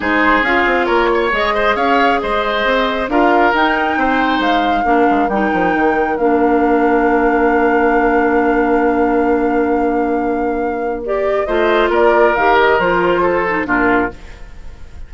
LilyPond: <<
  \new Staff \with { instrumentName = "flute" } { \time 4/4 \tempo 4 = 136 c''4 f''4 cis''4 dis''4 | f''4 dis''2 f''4 | g''2 f''2 | g''2 f''2~ |
f''1~ | f''1~ | f''4 d''4 dis''4 d''4 | f''8 dis''8 c''2 ais'4 | }
  \new Staff \with { instrumentName = "oboe" } { \time 4/4 gis'2 ais'8 cis''4 c''8 | cis''4 c''2 ais'4~ | ais'4 c''2 ais'4~ | ais'1~ |
ais'1~ | ais'1~ | ais'2 c''4 ais'4~ | ais'2 a'4 f'4 | }
  \new Staff \with { instrumentName = "clarinet" } { \time 4/4 dis'4 f'2 gis'4~ | gis'2. f'4 | dis'2. d'4 | dis'2 d'2~ |
d'1~ | d'1~ | d'4 g'4 f'2 | g'4 f'4. dis'8 d'4 | }
  \new Staff \with { instrumentName = "bassoon" } { \time 4/4 gis4 cis'8 c'8 ais4 gis4 | cis'4 gis4 c'4 d'4 | dis'4 c'4 gis4 ais8 gis8 | g8 f8 dis4 ais2~ |
ais1~ | ais1~ | ais2 a4 ais4 | dis4 f2 ais,4 | }
>>